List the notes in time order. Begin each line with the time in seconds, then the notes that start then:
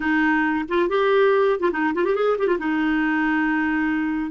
0.00 D#4
0.68 F4
0.89 G4
1.60 F4
1.72 D#4
1.94 F4
2.04 G4
2.15 G#4
2.38 G4
2.47 F4
2.58 D#4